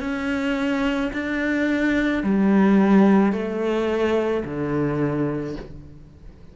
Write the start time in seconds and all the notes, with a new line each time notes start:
0.00 C#4
1.13 D4
2.23 G3
3.32 A3
4.45 D3